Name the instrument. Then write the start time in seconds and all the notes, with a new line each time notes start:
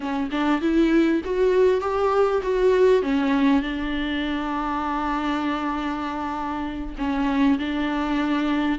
viola
0.00 C#4
0.31 D4
0.61 E4
1.24 F#4
1.80 G4
2.42 F#4
3.02 C#4
3.62 D4
6.98 C#4
7.58 D4